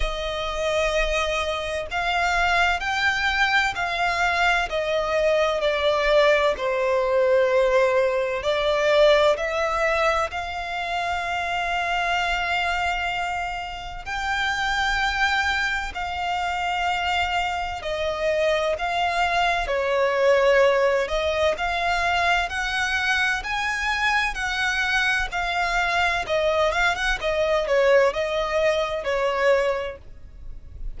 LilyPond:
\new Staff \with { instrumentName = "violin" } { \time 4/4 \tempo 4 = 64 dis''2 f''4 g''4 | f''4 dis''4 d''4 c''4~ | c''4 d''4 e''4 f''4~ | f''2. g''4~ |
g''4 f''2 dis''4 | f''4 cis''4. dis''8 f''4 | fis''4 gis''4 fis''4 f''4 | dis''8 f''16 fis''16 dis''8 cis''8 dis''4 cis''4 | }